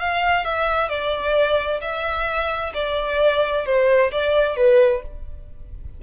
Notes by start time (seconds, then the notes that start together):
0.00 F5
0.45 E5
0.89 D5
1.82 E5
2.75 D5
3.66 C5
4.12 D5
4.57 B4